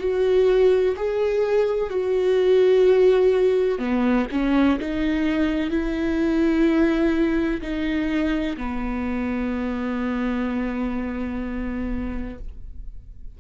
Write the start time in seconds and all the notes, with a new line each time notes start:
0.00 F#4
0.96 G#4
1.90 F#4
3.78 B3
4.32 C#4
4.80 D#4
5.70 E4
7.61 D#4
8.57 B3